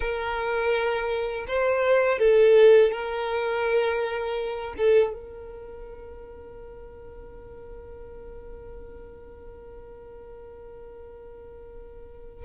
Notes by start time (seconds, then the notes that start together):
0.00 A#4
1.47 C5
2.19 A4
2.91 A#4
4.77 A4
5.13 A#4